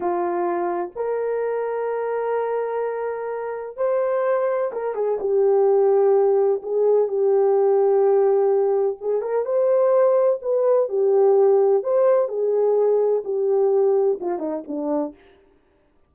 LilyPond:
\new Staff \with { instrumentName = "horn" } { \time 4/4 \tempo 4 = 127 f'2 ais'2~ | ais'1 | c''2 ais'8 gis'8 g'4~ | g'2 gis'4 g'4~ |
g'2. gis'8 ais'8 | c''2 b'4 g'4~ | g'4 c''4 gis'2 | g'2 f'8 dis'8 d'4 | }